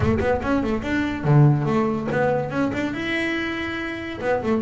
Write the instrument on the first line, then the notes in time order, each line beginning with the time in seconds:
double bass
0.00 A3
0.20 B3
0.42 C#4
0.63 A3
0.83 D4
1.24 D3
1.65 A3
2.11 B3
2.50 C#4
2.73 D4
2.93 E4
4.21 B3
4.42 A3